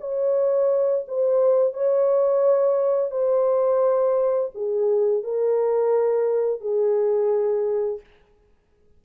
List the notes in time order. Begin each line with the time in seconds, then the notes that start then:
0.00 C#5
1.08 C5
1.73 C#5
3.11 C5
4.54 G#4
5.23 A#4
6.60 G#4